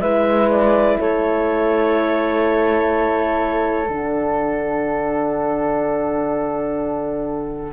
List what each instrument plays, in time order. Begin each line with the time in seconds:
0.00 cello G#3, horn E4, flute B4, clarinet E5
0.50 clarinet D5
1.00 cello A3, flute A4, clarinet C#5
3.88 cello D3, horn D4, clarinet F#5